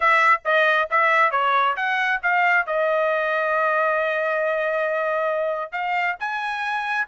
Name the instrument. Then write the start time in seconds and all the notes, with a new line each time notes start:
trumpet
0.00 E5
0.44 D#5
0.90 E5
1.31 C#5
1.76 F#5
2.22 F5
2.66 D#5
5.72 F5
6.19 G#5